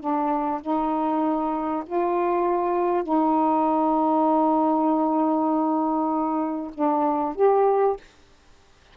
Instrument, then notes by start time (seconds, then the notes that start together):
saxophone
0.00 D4
0.62 D#4
1.86 F4
3.04 D#4
6.74 D4
7.36 G4